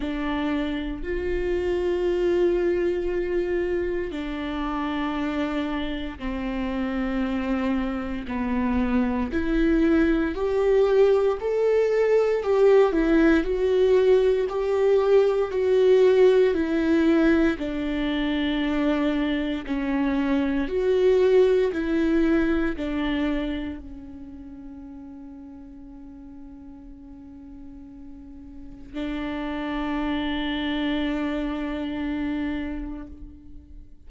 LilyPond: \new Staff \with { instrumentName = "viola" } { \time 4/4 \tempo 4 = 58 d'4 f'2. | d'2 c'2 | b4 e'4 g'4 a'4 | g'8 e'8 fis'4 g'4 fis'4 |
e'4 d'2 cis'4 | fis'4 e'4 d'4 cis'4~ | cis'1 | d'1 | }